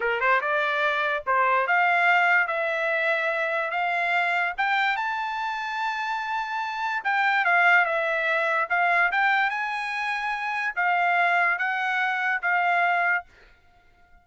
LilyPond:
\new Staff \with { instrumentName = "trumpet" } { \time 4/4 \tempo 4 = 145 ais'8 c''8 d''2 c''4 | f''2 e''2~ | e''4 f''2 g''4 | a''1~ |
a''4 g''4 f''4 e''4~ | e''4 f''4 g''4 gis''4~ | gis''2 f''2 | fis''2 f''2 | }